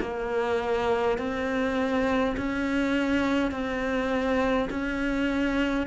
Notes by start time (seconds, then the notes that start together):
0.00 A#3
1.18 C4
2.37 C#4
3.51 C4
4.70 C#4